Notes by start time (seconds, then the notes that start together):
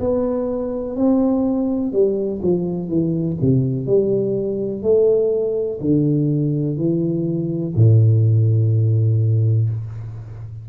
0.00 B3
0.96 C4
1.92 G3
2.41 F3
2.88 E3
3.41 C3
3.86 G3
4.82 A3
5.80 D3
6.77 E3
7.76 A2